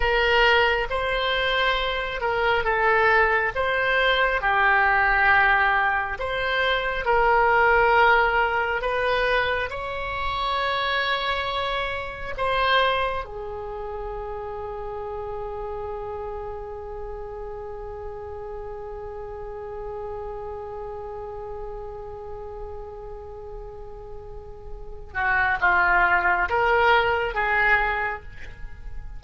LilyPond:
\new Staff \with { instrumentName = "oboe" } { \time 4/4 \tempo 4 = 68 ais'4 c''4. ais'8 a'4 | c''4 g'2 c''4 | ais'2 b'4 cis''4~ | cis''2 c''4 gis'4~ |
gis'1~ | gis'1~ | gis'1~ | gis'8 fis'8 f'4 ais'4 gis'4 | }